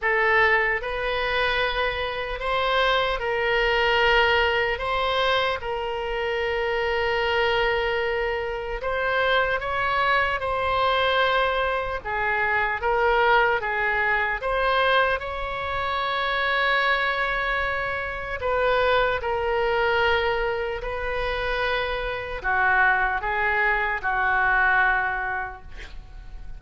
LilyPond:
\new Staff \with { instrumentName = "oboe" } { \time 4/4 \tempo 4 = 75 a'4 b'2 c''4 | ais'2 c''4 ais'4~ | ais'2. c''4 | cis''4 c''2 gis'4 |
ais'4 gis'4 c''4 cis''4~ | cis''2. b'4 | ais'2 b'2 | fis'4 gis'4 fis'2 | }